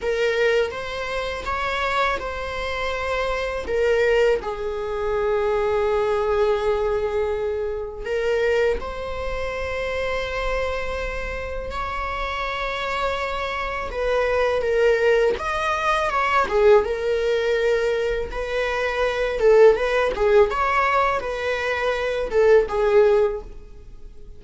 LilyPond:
\new Staff \with { instrumentName = "viola" } { \time 4/4 \tempo 4 = 82 ais'4 c''4 cis''4 c''4~ | c''4 ais'4 gis'2~ | gis'2. ais'4 | c''1 |
cis''2. b'4 | ais'4 dis''4 cis''8 gis'8 ais'4~ | ais'4 b'4. a'8 b'8 gis'8 | cis''4 b'4. a'8 gis'4 | }